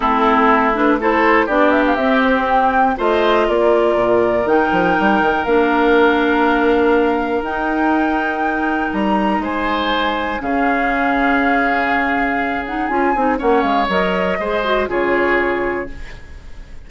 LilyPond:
<<
  \new Staff \with { instrumentName = "flute" } { \time 4/4 \tempo 4 = 121 a'4. b'8 c''4 d''8 e''16 f''16 | e''8 c''8 g''4 dis''4 d''4~ | d''4 g''2 f''4~ | f''2. g''4~ |
g''2 ais''4 gis''4~ | gis''4 f''2.~ | f''4. fis''8 gis''4 fis''8 f''8 | dis''2 cis''2 | }
  \new Staff \with { instrumentName = "oboe" } { \time 4/4 e'2 a'4 g'4~ | g'2 c''4 ais'4~ | ais'1~ | ais'1~ |
ais'2. c''4~ | c''4 gis'2.~ | gis'2. cis''4~ | cis''4 c''4 gis'2 | }
  \new Staff \with { instrumentName = "clarinet" } { \time 4/4 c'4. d'8 e'4 d'4 | c'2 f'2~ | f'4 dis'2 d'4~ | d'2. dis'4~ |
dis'1~ | dis'4 cis'2.~ | cis'4. dis'8 f'8 dis'8 cis'4 | ais'4 gis'8 fis'8 f'2 | }
  \new Staff \with { instrumentName = "bassoon" } { \time 4/4 a2. b4 | c'2 a4 ais4 | ais,4 dis8 f8 g8 dis8 ais4~ | ais2. dis'4~ |
dis'2 g4 gis4~ | gis4 cis2.~ | cis2 cis'8 c'8 ais8 gis8 | fis4 gis4 cis2 | }
>>